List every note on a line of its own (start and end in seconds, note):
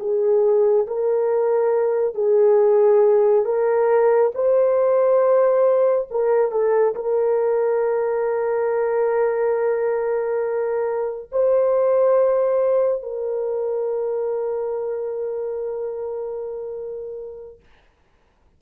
0.00 0.87 G#4
0.87 2.15 A#4
2.15 3.45 G#4
3.45 4.32 A#4
4.35 6.09 C5
6.11 6.52 A#4
6.52 6.95 A4
6.95 11.30 A#4
11.32 13.03 C5
13.03 17.60 A#4